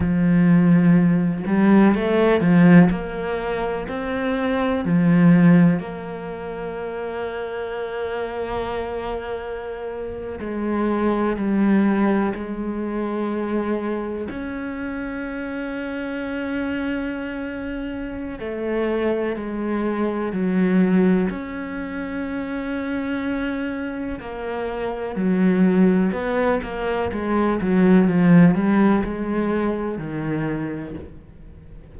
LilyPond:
\new Staff \with { instrumentName = "cello" } { \time 4/4 \tempo 4 = 62 f4. g8 a8 f8 ais4 | c'4 f4 ais2~ | ais2~ ais8. gis4 g16~ | g8. gis2 cis'4~ cis'16~ |
cis'2. a4 | gis4 fis4 cis'2~ | cis'4 ais4 fis4 b8 ais8 | gis8 fis8 f8 g8 gis4 dis4 | }